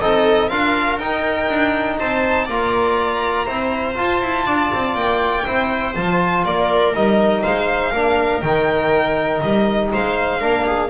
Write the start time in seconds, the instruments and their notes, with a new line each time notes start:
0.00 double bass C4, trombone D#4, viola A4, violin D#5
0.48 double bass D4, trombone F4, viola A#4, violin F5
0.99 double bass D#4, trombone D#4, violin G5
1.49 double bass D4
1.99 double bass C4, viola C5, violin A5
2.45 double bass A#3, trombone F4, viola D5, violin A#5
3.45 double bass C4, trombone E4, viola C5
3.95 trombone F4, double bass F4, violin A5
4.22 double bass E4
4.46 double bass D4, viola D5
4.74 double bass C4
4.95 double bass A#3, violin G5
5.45 double bass C4, trombone E4, viola C5
5.95 double bass F3, trombone F4, violin A5
6.45 double bass A#3, viola A#4, violin D5
6.94 double bass G3, trombone D#4, violin D#5
7.43 double bass G#3, viola C5, violin F5
7.91 double bass A#3, trombone D4, viola A#4
8.41 double bass D#3, trombone D#4, violin G5
9.41 double bass G3, violin D#5
9.92 double bass G#3, viola C5, violin F5
10.40 double bass A#3, trombone D4, viola A#4
10.66 viola G#4